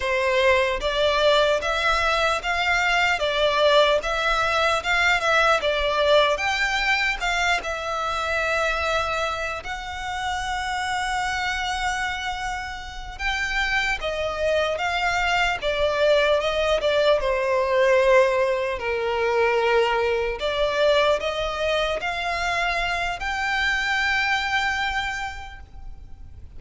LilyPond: \new Staff \with { instrumentName = "violin" } { \time 4/4 \tempo 4 = 75 c''4 d''4 e''4 f''4 | d''4 e''4 f''8 e''8 d''4 | g''4 f''8 e''2~ e''8 | fis''1~ |
fis''8 g''4 dis''4 f''4 d''8~ | d''8 dis''8 d''8 c''2 ais'8~ | ais'4. d''4 dis''4 f''8~ | f''4 g''2. | }